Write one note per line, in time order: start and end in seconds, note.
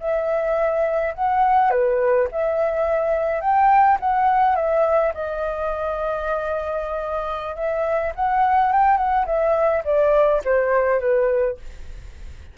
0.00 1.14 E5
1.15 1.71 F#5
1.71 2.28 B4
2.32 3.41 E5
3.41 3.98 G5
4.00 4.56 F#5
4.56 5.13 E5
5.14 7.56 D#5
7.56 8.13 E5
8.15 8.72 F#5
8.73 8.97 G5
8.97 9.26 F#5
9.26 9.83 E5
9.84 10.42 D5
10.45 11.00 C5
11.00 11.57 B4